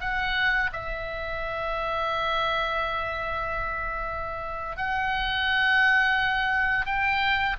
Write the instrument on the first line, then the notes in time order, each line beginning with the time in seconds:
oboe
0.00 F#5
0.73 E5
4.77 F#5
6.86 G5